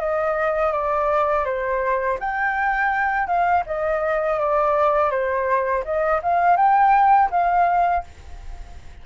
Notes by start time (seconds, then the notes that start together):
0.00 D#5
0.72 D5
1.45 C5
2.20 G5
3.27 F5
3.66 D#5
4.39 D5
5.11 C5
5.85 D#5
6.23 F5
6.57 G5
7.31 F5